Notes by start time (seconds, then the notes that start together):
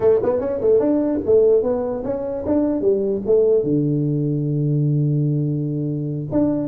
0.00 A3
0.22 B3
0.40 C#4
0.60 A3
0.79 D4
1.25 A3
1.62 B3
2.03 C#4
2.45 D4
2.81 G3
3.26 A3
3.63 D3
6.31 D4